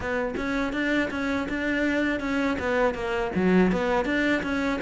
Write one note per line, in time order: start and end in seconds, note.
0.00 0.34 B3
0.36 0.72 C#4
0.72 1.09 D4
1.10 1.47 C#4
1.48 2.20 D4
2.20 2.57 C#4
2.59 2.94 B3
2.94 3.31 A#3
3.35 3.72 F#3
3.72 4.05 B3
4.05 4.42 D4
4.42 4.79 C#4